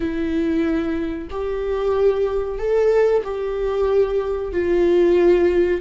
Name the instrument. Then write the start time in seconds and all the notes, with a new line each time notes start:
viola
0.00 E4
1.30 G4
2.58 A4
3.24 G4
4.52 F4